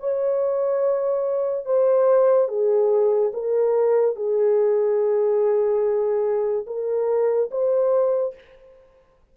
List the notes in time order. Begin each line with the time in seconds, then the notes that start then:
0.00 C#5
1.65 C5
2.48 G#4
3.33 A#4
4.16 G#4
6.67 A#4
7.51 C5